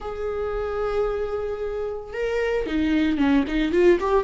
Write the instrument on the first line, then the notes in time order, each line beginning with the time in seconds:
viola
0.00 G#4
2.13 A#4
2.66 D#4
3.17 C#4
3.47 D#4
3.72 F4
4.00 G4